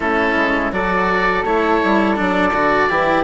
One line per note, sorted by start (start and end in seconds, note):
0.00 0.34 A3
0.00 0.72 C#4
0.00 0.72 E4
0.00 0.72 A4
0.35 0.71 G#3
0.71 1.44 F#3
0.71 1.44 F#4
0.71 2.88 A4
0.71 1.44 D5
1.44 1.80 A3
1.44 2.15 E4
1.44 2.17 C#5
1.83 2.19 G3
2.15 2.52 F#3
2.15 2.51 D4
2.15 3.24 D5
2.52 2.88 D3
2.52 2.89 F#4
2.88 3.24 E3
2.88 3.24 E4
2.88 3.24 G4